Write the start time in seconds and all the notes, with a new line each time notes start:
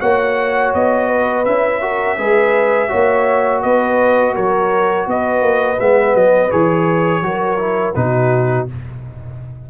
0.00 A#3 F#4 C#5 F#5
0.74 B3 D#5
1.08 B4
1.45 C#4 E4 E5
1.81 F#4 A#4
2.18 G#3 G#4 B4
2.88 A#3 F#4 C#5
3.62 B3 B4 D#5
4.35 F#3 A#4 C#5
5.06 B3 B4 D#5
5.41 A#3
5.80 G#3 B3 E5
6.14 F#3 D#5
6.51 E3 G#4 C#5
7.22 F#3 F#4 A#4
7.58 E4
7.94 B2 D#4 F#4 B4